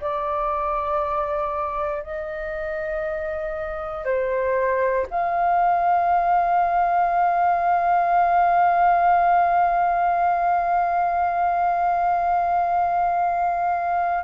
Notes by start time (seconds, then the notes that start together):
0.00 D5
2.02 D#5
4.04 C5
5.10 F5